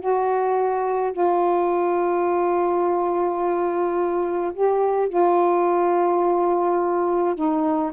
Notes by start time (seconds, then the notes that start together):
0.00 F#4
1.13 F4
4.54 G4
5.09 F4
7.35 D#4